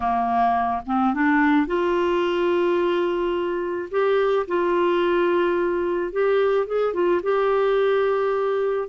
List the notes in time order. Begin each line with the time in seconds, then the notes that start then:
0.00 A#3
0.86 C4
1.14 D4
1.66 F4
3.90 G4
4.47 F4
6.12 G4
6.67 G#4
6.93 F4
7.22 G4